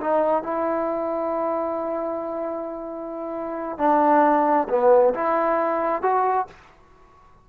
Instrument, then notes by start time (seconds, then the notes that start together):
trombone
0.00 D#4
0.42 E4
3.78 D4
4.69 B3
5.14 E4
6.02 F#4